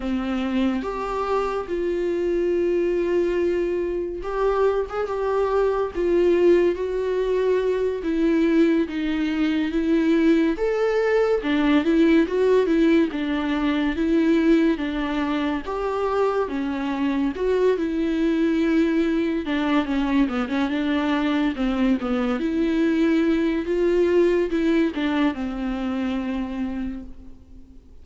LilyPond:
\new Staff \with { instrumentName = "viola" } { \time 4/4 \tempo 4 = 71 c'4 g'4 f'2~ | f'4 g'8. gis'16 g'4 f'4 | fis'4. e'4 dis'4 e'8~ | e'8 a'4 d'8 e'8 fis'8 e'8 d'8~ |
d'8 e'4 d'4 g'4 cis'8~ | cis'8 fis'8 e'2 d'8 cis'8 | b16 cis'16 d'4 c'8 b8 e'4. | f'4 e'8 d'8 c'2 | }